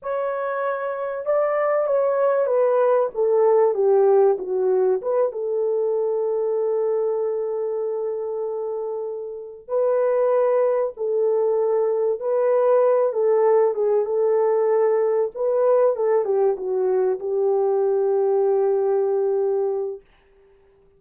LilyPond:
\new Staff \with { instrumentName = "horn" } { \time 4/4 \tempo 4 = 96 cis''2 d''4 cis''4 | b'4 a'4 g'4 fis'4 | b'8 a'2.~ a'8~ | a'2.~ a'8 b'8~ |
b'4. a'2 b'8~ | b'4 a'4 gis'8 a'4.~ | a'8 b'4 a'8 g'8 fis'4 g'8~ | g'1 | }